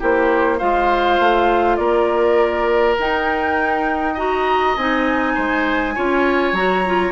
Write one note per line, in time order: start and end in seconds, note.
0.00 0.62 A#3
0.00 0.60 E4
0.00 0.58 G4
0.00 0.59 C5
0.58 1.20 G#3
0.58 2.97 F4
0.58 1.77 C5
0.58 1.76 F5
1.20 1.79 A3
1.76 2.97 A#3
1.76 4.14 A#4
1.76 2.95 D5
2.99 4.77 D#4
2.99 4.17 D#4
2.99 4.18 G5
4.14 4.77 F#4
4.14 5.33 D#5
4.14 4.77 A#5
4.77 5.37 C4
4.77 5.96 D#4
4.77 6.55 G#5
5.35 5.97 G#3
5.35 5.95 C5
5.95 6.53 C#4
5.95 6.55 F4
5.95 7.12 C#5
6.53 7.12 F#3
6.53 6.86 F#4
6.53 7.12 A#5
6.86 7.12 F4